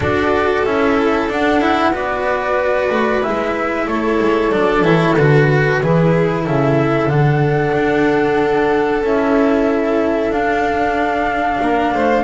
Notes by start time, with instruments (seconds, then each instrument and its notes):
0.00 double bass D4, cello F#4, violin A4, flute D5
0.64 double bass C#4, cello E4, flute E5
1.28 double bass D4, cello D4, flute F#5
1.61 cello E4
1.92 double bass B3, cello F#4, violin B4, flute D5
2.90 double bass A3
3.23 double bass G#3, cello E4, flute E5
3.85 double bass A3, violin A4, flute C#5
4.20 double bass G#3
4.51 double bass F#3, cello D4, flute D5
4.81 double bass E3, cello E4, flute C#5
5.16 double bass D3, cello F#4, flute B4
5.82 double bass E3, cello E4, violin G#4
6.44 double bass C#3, violin A4, flute E5
7.06 double bass D3, cello D4, flute F#5
7.74 double bass D4
9.02 double bass C#4, cello E4, flute E5
10.29 double bass D4, cello D4, flute F5
11.61 double bass A#3, violin A#4
11.94 double bass A3, violin C5